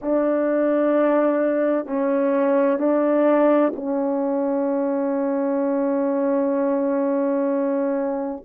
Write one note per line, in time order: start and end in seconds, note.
0.01 1.86 D4
1.86 2.79 C#4
2.79 3.72 D4
3.75 8.44 C#4